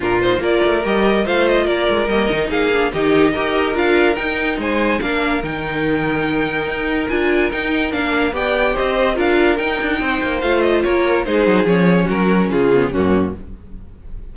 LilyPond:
<<
  \new Staff \with { instrumentName = "violin" } { \time 4/4 \tempo 4 = 144 ais'8 c''8 d''4 dis''4 f''8 dis''8 | d''4 dis''4 f''4 dis''4~ | dis''4 f''4 g''4 gis''4 | f''4 g''2.~ |
g''4 gis''4 g''4 f''4 | g''4 dis''4 f''4 g''4~ | g''4 f''8 dis''8 cis''4 c''4 | cis''4 ais'4 gis'4 fis'4 | }
  \new Staff \with { instrumentName = "violin" } { \time 4/4 f'4 ais'2 c''4 | ais'2 gis'4 g'4 | ais'2. c''4 | ais'1~ |
ais'1 | d''4 c''4 ais'2 | c''2 ais'4 gis'4~ | gis'4 fis'4 f'4 cis'4 | }
  \new Staff \with { instrumentName = "viola" } { \time 4/4 d'8 dis'8 f'4 g'4 f'4~ | f'4 ais8 dis'4 d'8 dis'4 | g'4 f'4 dis'2 | d'4 dis'2.~ |
dis'4 f'4 dis'4 d'4 | g'2 f'4 dis'4~ | dis'4 f'2 dis'4 | cis'2~ cis'8 b8 ais4 | }
  \new Staff \with { instrumentName = "cello" } { \time 4/4 ais,4 ais8 a8 g4 a4 | ais8 gis8 g8 dis8 ais4 dis4 | dis'4 d'4 dis'4 gis4 | ais4 dis2. |
dis'4 d'4 dis'4 ais4 | b4 c'4 d'4 dis'8 d'8 | c'8 ais8 a4 ais4 gis8 fis8 | f4 fis4 cis4 fis,4 | }
>>